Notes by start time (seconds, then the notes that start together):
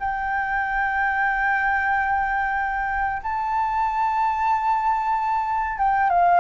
0.00 G5
3.23 A5
5.78 G5
6.10 F5